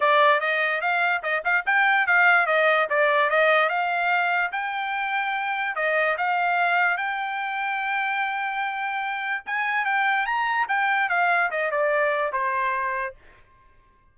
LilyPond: \new Staff \with { instrumentName = "trumpet" } { \time 4/4 \tempo 4 = 146 d''4 dis''4 f''4 dis''8 f''8 | g''4 f''4 dis''4 d''4 | dis''4 f''2 g''4~ | g''2 dis''4 f''4~ |
f''4 g''2.~ | g''2. gis''4 | g''4 ais''4 g''4 f''4 | dis''8 d''4. c''2 | }